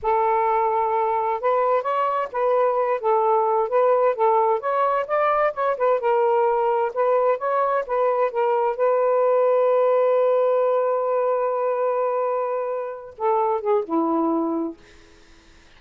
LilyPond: \new Staff \with { instrumentName = "saxophone" } { \time 4/4 \tempo 4 = 130 a'2. b'4 | cis''4 b'4. a'4. | b'4 a'4 cis''4 d''4 | cis''8 b'8 ais'2 b'4 |
cis''4 b'4 ais'4 b'4~ | b'1~ | b'1~ | b'8 a'4 gis'8 e'2 | }